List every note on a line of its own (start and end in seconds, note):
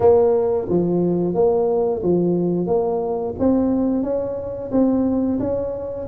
0.00 0.67 A#3
0.69 1.34 F3
1.34 2.01 A#3
2.02 2.67 F3
2.67 3.34 A#3
3.39 4.03 C4
4.03 4.70 C#4
4.71 5.39 C4
5.39 6.07 C#4